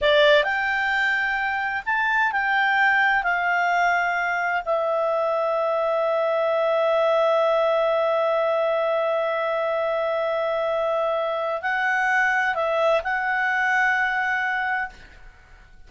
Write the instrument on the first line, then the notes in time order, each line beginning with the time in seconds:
clarinet
0.01 D5
0.43 G5
1.85 A5
2.32 G5
3.23 F5
4.65 E5
11.62 F#5
12.55 E5
13.03 F#5